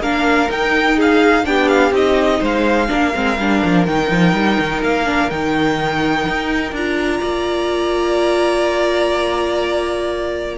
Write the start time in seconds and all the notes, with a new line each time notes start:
0.00 A#3 D4 A#4 F5
0.49 D#4 G5
0.97 G#4 F5
1.44 B3 D4 G4 G5
1.68 F5
1.92 C4 D#4 D#5
2.40 G#3 C5 F5
2.89 A#3 D4 A#4
3.15 G#3 C4
3.39 G3 D4
3.65 F3
3.86 D#3 D#4 G5
4.11 F3
4.34 G3
4.60 D#3
4.83 A#3 F5
5.06 D4
5.31 D#3 D#4 G5
6.29 D#4
6.72 D4 F4 A#5
7.21 A#3 D5